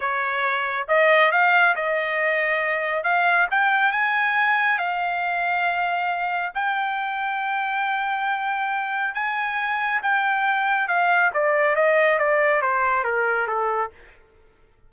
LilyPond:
\new Staff \with { instrumentName = "trumpet" } { \time 4/4 \tempo 4 = 138 cis''2 dis''4 f''4 | dis''2. f''4 | g''4 gis''2 f''4~ | f''2. g''4~ |
g''1~ | g''4 gis''2 g''4~ | g''4 f''4 d''4 dis''4 | d''4 c''4 ais'4 a'4 | }